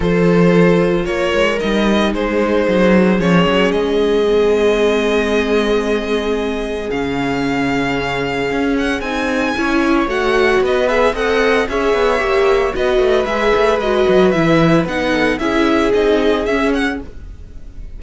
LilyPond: <<
  \new Staff \with { instrumentName = "violin" } { \time 4/4 \tempo 4 = 113 c''2 cis''4 dis''4 | c''2 cis''4 dis''4~ | dis''1~ | dis''4 f''2.~ |
f''8 fis''8 gis''2 fis''4 | dis''8 e''8 fis''4 e''2 | dis''4 e''4 dis''4 e''4 | fis''4 e''4 dis''4 e''8 fis''8 | }
  \new Staff \with { instrumentName = "viola" } { \time 4/4 a'2 ais'2 | gis'1~ | gis'1~ | gis'1~ |
gis'2 cis''2 | b'4 dis''4 cis''2 | b'1~ | b'8 a'8 gis'2. | }
  \new Staff \with { instrumentName = "viola" } { \time 4/4 f'2. dis'4~ | dis'2 cis'2 | c'1~ | c'4 cis'2.~ |
cis'4 dis'4 e'4 fis'4~ | fis'8 gis'8 a'4 gis'4 g'4 | fis'4 gis'4 fis'4 e'4 | dis'4 e'4 dis'4 cis'4 | }
  \new Staff \with { instrumentName = "cello" } { \time 4/4 f2 ais8 gis8 g4 | gis4 fis4 f8 fis8 gis4~ | gis1~ | gis4 cis2. |
cis'4 c'4 cis'4 a4 | b4 c'4 cis'8 b8 ais4 | b8 a8 gis8 a8 gis8 fis8 e4 | b4 cis'4 c'4 cis'4 | }
>>